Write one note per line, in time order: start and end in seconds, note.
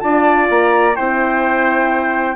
0.00 0.50 D4
0.00 0.94 F4
0.00 0.96 D5
0.00 0.47 A5
0.50 0.97 A#3
0.50 0.96 A#5
0.96 2.36 C4
0.96 2.36 E4
0.96 2.36 C5
0.96 2.36 G5